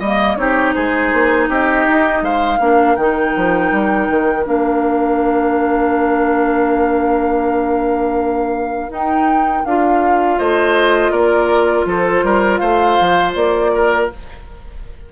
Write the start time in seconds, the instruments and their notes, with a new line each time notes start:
0.00 bassoon G3, clarinet A#3, oboe D#5, flute D#5
0.37 bassoon C4, clarinet D#4, oboe G4, flute C#5
0.74 bassoon G#3, oboe G#4, flute C5
1.13 bassoon A#3
1.49 bassoon C4, oboe G4, flute D#5
1.88 bassoon D#4
2.23 bassoon G#3, oboe C5, flute F5
2.59 bassoon A#3, clarinet D4, oboe A#4
2.96 bassoon D#3, clarinet D#4, flute G5
3.37 bassoon F3
3.72 bassoon G3
4.10 bassoon D#3
4.44 bassoon A#3, clarinet D4, flute F5
8.90 bassoon D#4, clarinet D#4, flute G5
9.66 bassoon D4, clarinet F4, flute F5
10.39 bassoon A3, oboe C5, flute D#5
11.12 bassoon A#3, oboe A#4, flute D5
11.85 bassoon F3, oboe A4, flute C5
12.24 bassoon G3, oboe A#4
12.58 bassoon A3, oboe C5, flute F5
13.01 bassoon F3
13.35 bassoon A#3, flute D5
13.75 oboe A#4